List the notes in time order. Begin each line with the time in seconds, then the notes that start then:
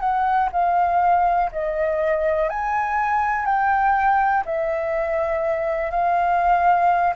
0.00 F#5
0.52 F5
1.52 D#5
2.49 G#5
3.46 G5
4.45 E5
5.91 F5